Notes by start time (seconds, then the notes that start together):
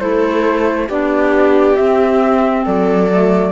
0.00 A3 E4 A4 C5
0.89 B3 D4 G4 D5
1.76 C4 E5
2.65 F#3 A4 D5
3.12 A3